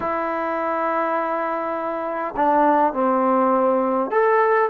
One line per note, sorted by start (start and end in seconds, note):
0.00 2.34 E4
2.36 2.93 D4
2.93 4.10 C4
4.10 4.69 A4